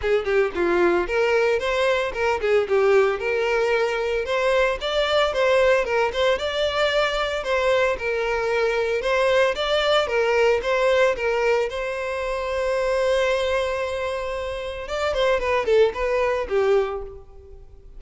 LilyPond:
\new Staff \with { instrumentName = "violin" } { \time 4/4 \tempo 4 = 113 gis'8 g'8 f'4 ais'4 c''4 | ais'8 gis'8 g'4 ais'2 | c''4 d''4 c''4 ais'8 c''8 | d''2 c''4 ais'4~ |
ais'4 c''4 d''4 ais'4 | c''4 ais'4 c''2~ | c''1 | d''8 c''8 b'8 a'8 b'4 g'4 | }